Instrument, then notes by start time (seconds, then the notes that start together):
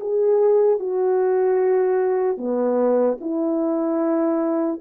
horn
0.00 G#4
0.79 F#4
2.37 B3
3.20 E4